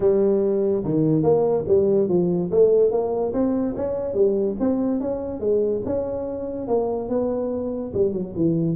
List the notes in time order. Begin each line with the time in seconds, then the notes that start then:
0.00 G3
0.84 D#3
1.22 A#3
1.67 G3
2.08 F3
2.51 A3
2.91 A#3
3.33 C4
3.76 C#4
4.14 G3
4.59 C4
5.00 C#4
5.39 G#3
5.85 C#4
6.67 A#3
7.08 B3
7.93 G3
8.12 F#3
8.35 E3